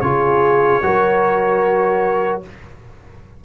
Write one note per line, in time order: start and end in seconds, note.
0.00 0.81 C#3
0.00 0.82 F4
0.00 0.82 G#4
0.00 2.40 C#5
0.82 2.43 F#3
0.82 2.42 F#4
0.82 2.44 A#4